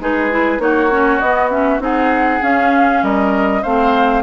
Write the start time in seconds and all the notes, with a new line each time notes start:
0.00 G#3 D#4 G#4 B4
0.30 E4
0.58 A#3 D#4 F#4 C#5
0.91 C#4
1.19 B3 D#5
1.50 C#4 E5
1.79 C4 D#4 G#4 F#5
2.42 C#4 F5
3.03 G3 A#4 D#5
3.62 A3 C4 C5 F5